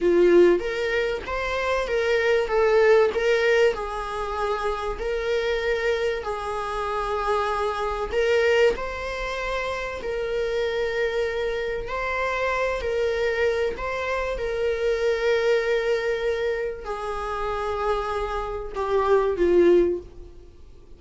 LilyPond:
\new Staff \with { instrumentName = "viola" } { \time 4/4 \tempo 4 = 96 f'4 ais'4 c''4 ais'4 | a'4 ais'4 gis'2 | ais'2 gis'2~ | gis'4 ais'4 c''2 |
ais'2. c''4~ | c''8 ais'4. c''4 ais'4~ | ais'2. gis'4~ | gis'2 g'4 f'4 | }